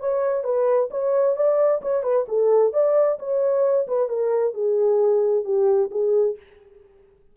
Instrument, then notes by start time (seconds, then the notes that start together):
horn
0.00 C#5
0.44 B4
0.91 C#5
1.36 D5
1.82 C#5
2.03 B4
2.28 A4
2.73 D5
3.19 C#5
3.87 B4
4.09 A#4
4.54 G#4
5.45 G4
5.91 G#4